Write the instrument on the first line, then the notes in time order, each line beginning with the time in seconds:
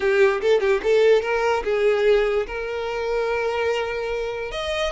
violin
0.00 G4
0.41 A4
0.60 G4
0.83 A4
1.22 A#4
1.64 G#4
2.47 A#4
4.51 D#5